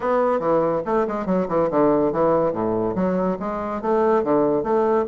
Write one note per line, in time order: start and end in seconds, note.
0.00 0.39 B3
0.39 0.82 E3
0.85 1.06 A3
1.07 1.26 G#3
1.26 1.47 F#3
1.48 1.69 E3
1.70 2.12 D3
2.12 2.52 E3
2.52 2.94 A2
2.95 3.37 F#3
3.39 3.81 G#3
3.81 4.23 A3
4.23 4.63 D3
4.63 5.05 A3